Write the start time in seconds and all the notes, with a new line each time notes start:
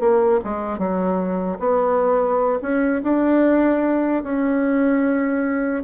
0.00 A#3
0.44 G#3
0.79 F#3
1.59 B3
2.62 C#4
3.03 D4
4.23 C#4